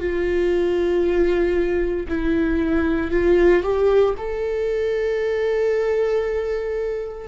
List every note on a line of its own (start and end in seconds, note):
0.00 2.07 F4
2.08 3.11 E4
3.11 3.63 F4
3.63 4.15 G4
4.18 7.28 A4